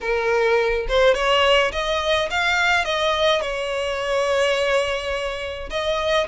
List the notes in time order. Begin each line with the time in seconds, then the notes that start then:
0.01 A#4
0.88 C5
1.14 C#5
1.72 D#5
2.30 F5
2.84 D#5
3.41 C#5
5.70 D#5